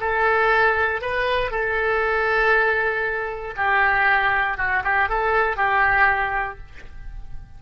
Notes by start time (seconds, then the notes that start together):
0.00 A4
1.01 B4
1.51 A4
3.56 G4
4.57 F#4
4.84 G4
5.09 A4
5.57 G4